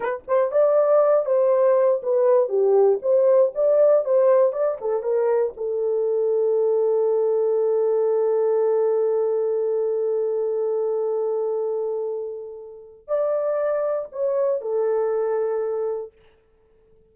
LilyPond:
\new Staff \with { instrumentName = "horn" } { \time 4/4 \tempo 4 = 119 b'8 c''8 d''4. c''4. | b'4 g'4 c''4 d''4 | c''4 d''8 a'8 ais'4 a'4~ | a'1~ |
a'1~ | a'1~ | a'2 d''2 | cis''4 a'2. | }